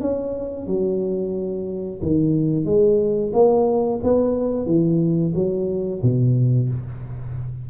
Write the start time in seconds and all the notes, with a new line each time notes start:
0.00 C#4
0.67 F#3
2.02 D#3
2.65 G#3
3.33 A#3
4.03 B3
4.66 E3
5.34 F#3
6.02 B2